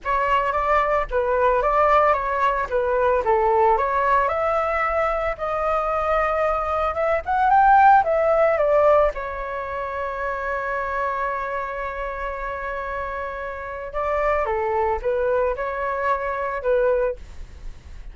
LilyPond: \new Staff \with { instrumentName = "flute" } { \time 4/4 \tempo 4 = 112 cis''4 d''4 b'4 d''4 | cis''4 b'4 a'4 cis''4 | e''2 dis''2~ | dis''4 e''8 fis''8 g''4 e''4 |
d''4 cis''2.~ | cis''1~ | cis''2 d''4 a'4 | b'4 cis''2 b'4 | }